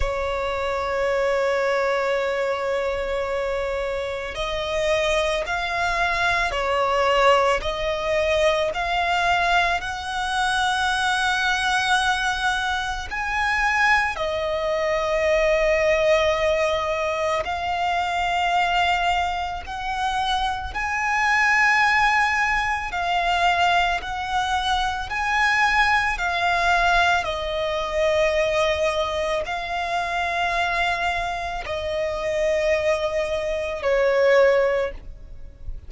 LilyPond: \new Staff \with { instrumentName = "violin" } { \time 4/4 \tempo 4 = 55 cis''1 | dis''4 f''4 cis''4 dis''4 | f''4 fis''2. | gis''4 dis''2. |
f''2 fis''4 gis''4~ | gis''4 f''4 fis''4 gis''4 | f''4 dis''2 f''4~ | f''4 dis''2 cis''4 | }